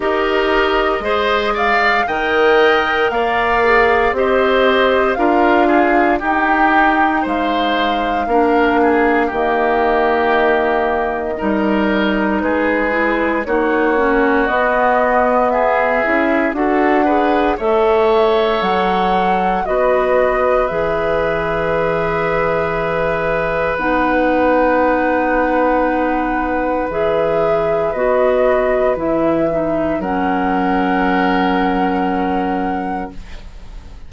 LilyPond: <<
  \new Staff \with { instrumentName = "flute" } { \time 4/4 \tempo 4 = 58 dis''4. f''8 g''4 f''4 | dis''4 f''4 g''4 f''4~ | f''4 dis''2. | b'4 cis''4 dis''4 e''4 |
fis''4 e''4 fis''4 dis''4 | e''2. fis''4~ | fis''2 e''4 dis''4 | e''4 fis''2. | }
  \new Staff \with { instrumentName = "oboe" } { \time 4/4 ais'4 c''8 d''8 dis''4 d''4 | c''4 ais'8 gis'8 g'4 c''4 | ais'8 gis'8 g'2 ais'4 | gis'4 fis'2 gis'4 |
a'8 b'8 cis''2 b'4~ | b'1~ | b'1~ | b'4 ais'2. | }
  \new Staff \with { instrumentName = "clarinet" } { \time 4/4 g'4 gis'4 ais'4. gis'8 | g'4 f'4 dis'2 | d'4 ais2 dis'4~ | dis'8 e'8 dis'8 cis'8 b4. e'8 |
fis'8 gis'8 a'2 fis'4 | gis'2. dis'4~ | dis'2 gis'4 fis'4 | e'8 dis'8 cis'2. | }
  \new Staff \with { instrumentName = "bassoon" } { \time 4/4 dis'4 gis4 dis4 ais4 | c'4 d'4 dis'4 gis4 | ais4 dis2 g4 | gis4 ais4 b4. cis'8 |
d'4 a4 fis4 b4 | e2. b4~ | b2 e4 b4 | e4 fis2. | }
>>